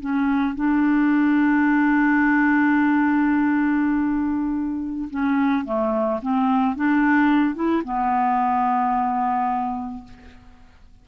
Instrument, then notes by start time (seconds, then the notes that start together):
clarinet
0.00 C#4
0.55 D4
5.10 C#4
5.65 A3
6.22 C4
6.76 D4
7.55 E4
7.84 B3